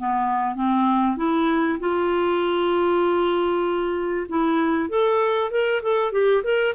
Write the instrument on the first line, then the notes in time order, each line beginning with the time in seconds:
clarinet
0.00 B3
0.56 C4
1.18 E4
1.80 F4
4.29 E4
4.90 A4
5.51 A#4
5.83 A4
6.13 G4
6.44 A#4